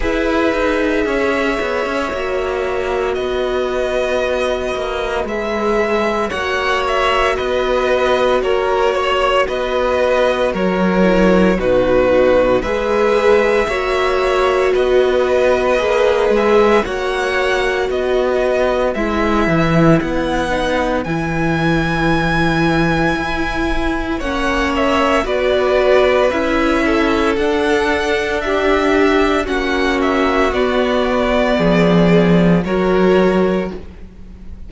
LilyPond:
<<
  \new Staff \with { instrumentName = "violin" } { \time 4/4 \tempo 4 = 57 e''2. dis''4~ | dis''4 e''4 fis''8 e''8 dis''4 | cis''4 dis''4 cis''4 b'4 | e''2 dis''4. e''8 |
fis''4 dis''4 e''4 fis''4 | gis''2. fis''8 e''8 | d''4 e''4 fis''4 e''4 | fis''8 e''8 d''2 cis''4 | }
  \new Staff \with { instrumentName = "violin" } { \time 4/4 b'4 cis''2 b'4~ | b'2 cis''4 b'4 | ais'8 cis''8 b'4 ais'4 fis'4 | b'4 cis''4 b'2 |
cis''4 b'2.~ | b'2. cis''4 | b'4. a'4. g'4 | fis'2 gis'4 ais'4 | }
  \new Staff \with { instrumentName = "viola" } { \time 4/4 gis'2 fis'2~ | fis'4 gis'4 fis'2~ | fis'2~ fis'8 e'8 dis'4 | gis'4 fis'2 gis'4 |
fis'2 e'4. dis'8 | e'2. cis'4 | fis'4 e'4 d'2 | cis'4 b2 fis'4 | }
  \new Staff \with { instrumentName = "cello" } { \time 4/4 e'8 dis'8 cis'8 b16 cis'16 ais4 b4~ | b8 ais8 gis4 ais4 b4 | ais4 b4 fis4 b,4 | gis4 ais4 b4 ais8 gis8 |
ais4 b4 gis8 e8 b4 | e2 e'4 ais4 | b4 cis'4 d'2 | ais4 b4 f4 fis4 | }
>>